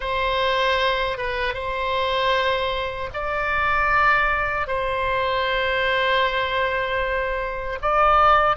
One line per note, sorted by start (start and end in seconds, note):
0.00 1.17 C5
1.17 1.53 B4
1.53 3.09 C5
3.13 4.67 D5
4.67 7.79 C5
7.81 8.56 D5